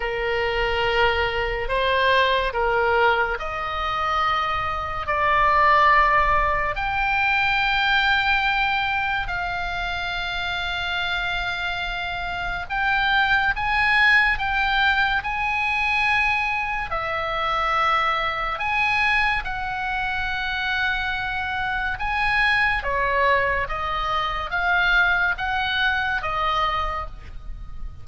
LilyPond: \new Staff \with { instrumentName = "oboe" } { \time 4/4 \tempo 4 = 71 ais'2 c''4 ais'4 | dis''2 d''2 | g''2. f''4~ | f''2. g''4 |
gis''4 g''4 gis''2 | e''2 gis''4 fis''4~ | fis''2 gis''4 cis''4 | dis''4 f''4 fis''4 dis''4 | }